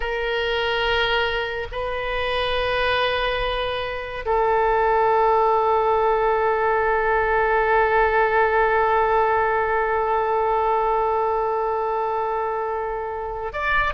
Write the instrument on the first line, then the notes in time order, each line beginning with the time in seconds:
oboe
0.00 A#4
1.71 B4
4.25 A4
13.52 D5